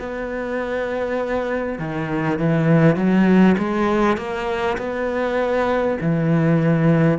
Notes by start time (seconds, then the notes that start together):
0.00 B3
1.79 D#3
2.39 E3
2.97 F#3
3.58 G#3
4.18 A#3
4.78 B3
6.01 E3